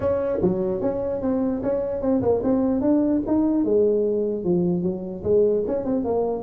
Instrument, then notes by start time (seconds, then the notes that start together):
tuba
0.00 C#4
0.41 F#3
0.81 C#4
1.21 C4
1.63 C#4
2.01 C4
2.21 A#3
2.43 C4
2.81 D4
3.26 D#4
3.64 G#3
4.44 F3
4.82 F#3
5.23 G#3
5.67 C#4
5.84 C4
6.04 A#3